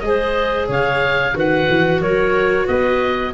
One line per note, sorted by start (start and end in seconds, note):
0.00 0.68 G#3
0.00 1.34 G#4
0.00 0.68 C5
0.00 0.66 D#5
0.68 1.34 C#3
0.68 1.34 C#5
0.68 1.38 F5
1.34 1.67 D#3
1.34 3.32 F#4
1.34 2.01 B4
1.34 2.02 F#5
1.70 2.01 E3
2.01 2.66 F#3
2.01 2.66 A#4
2.01 2.68 C#5
2.66 3.34 B3
2.66 3.32 B4
2.66 3.34 D#5